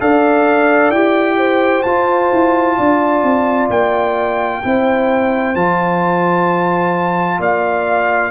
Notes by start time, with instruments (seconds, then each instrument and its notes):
0.00 tuba D4, trombone A4, horn D5, trumpet F5
0.91 tuba E4, trombone G4, trumpet G5
1.37 horn C5
1.82 tuba F4, trombone F4, trumpet A5
2.32 tuba E4
2.77 tuba D4, horn D5
3.23 tuba C4
3.70 tuba A#3, trumpet G5
4.64 tuba C4, trombone E4, horn C5
5.55 tuba F3, trombone F4, trumpet A5
7.39 tuba A#3, horn D5, trumpet F5